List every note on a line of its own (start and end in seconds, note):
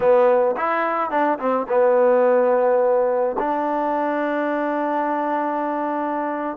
0.00 0.55 B3
0.57 1.10 E4
1.10 1.38 D4
1.38 1.66 C4
1.68 3.36 B3
3.38 6.57 D4